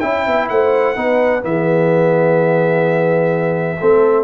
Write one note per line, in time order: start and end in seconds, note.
0.00 0.26 C#4
0.00 0.96 E4
0.00 0.49 E5
0.00 0.47 G5
0.26 0.50 B3
0.49 0.97 A3
0.49 0.96 C5
0.49 1.43 F#5
0.96 1.44 B3
0.96 1.41 D#4
0.96 1.44 B4
1.41 3.80 E3
1.41 3.77 B3
1.41 4.24 E5
1.47 3.80 G#4
3.80 4.24 A3
3.80 4.24 C4
3.80 4.24 A4